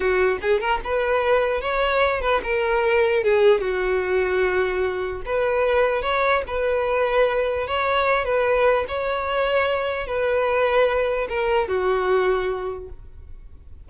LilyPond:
\new Staff \with { instrumentName = "violin" } { \time 4/4 \tempo 4 = 149 fis'4 gis'8 ais'8 b'2 | cis''4. b'8 ais'2 | gis'4 fis'2.~ | fis'4 b'2 cis''4 |
b'2. cis''4~ | cis''8 b'4. cis''2~ | cis''4 b'2. | ais'4 fis'2. | }